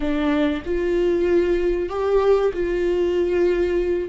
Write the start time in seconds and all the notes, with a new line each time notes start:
0.00 D4
0.65 F4
1.89 G4
2.53 F4